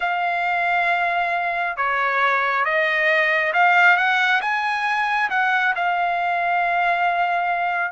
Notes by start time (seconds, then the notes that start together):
0.00 F5
1.76 C#5
2.64 D#5
3.53 F5
3.96 F#5
4.41 G#5
5.30 F#5
5.75 F5